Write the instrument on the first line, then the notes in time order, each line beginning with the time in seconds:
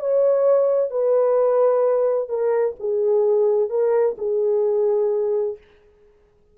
horn
0.00 C#5
0.91 B4
2.29 A#4
2.80 G#4
3.70 A#4
4.19 G#4